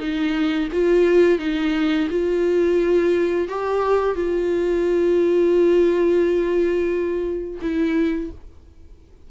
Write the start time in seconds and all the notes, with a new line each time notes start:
0.00 D#4
0.73 F4
1.39 D#4
2.10 F4
3.49 G4
4.16 F4
7.62 E4